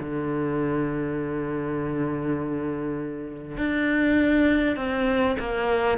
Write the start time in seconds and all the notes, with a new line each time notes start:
0.00 D3
3.57 D4
4.76 C4
5.39 A#3